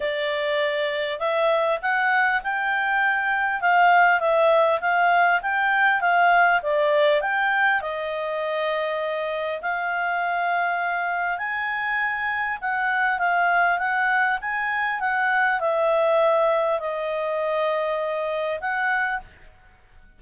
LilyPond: \new Staff \with { instrumentName = "clarinet" } { \time 4/4 \tempo 4 = 100 d''2 e''4 fis''4 | g''2 f''4 e''4 | f''4 g''4 f''4 d''4 | g''4 dis''2. |
f''2. gis''4~ | gis''4 fis''4 f''4 fis''4 | gis''4 fis''4 e''2 | dis''2. fis''4 | }